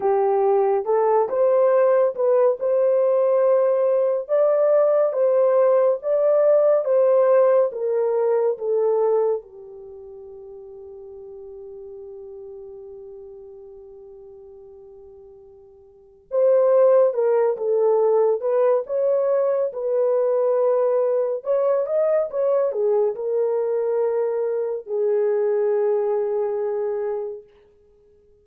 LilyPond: \new Staff \with { instrumentName = "horn" } { \time 4/4 \tempo 4 = 70 g'4 a'8 c''4 b'8 c''4~ | c''4 d''4 c''4 d''4 | c''4 ais'4 a'4 g'4~ | g'1~ |
g'2. c''4 | ais'8 a'4 b'8 cis''4 b'4~ | b'4 cis''8 dis''8 cis''8 gis'8 ais'4~ | ais'4 gis'2. | }